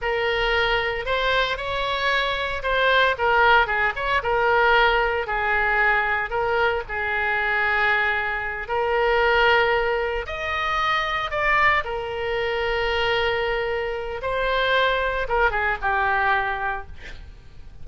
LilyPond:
\new Staff \with { instrumentName = "oboe" } { \time 4/4 \tempo 4 = 114 ais'2 c''4 cis''4~ | cis''4 c''4 ais'4 gis'8 cis''8 | ais'2 gis'2 | ais'4 gis'2.~ |
gis'8 ais'2. dis''8~ | dis''4. d''4 ais'4.~ | ais'2. c''4~ | c''4 ais'8 gis'8 g'2 | }